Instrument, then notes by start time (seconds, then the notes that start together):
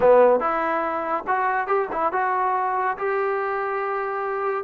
trombone
0.00 B3
0.39 E4
1.27 F#4
1.67 G4
1.91 E4
2.12 F#4
2.97 G4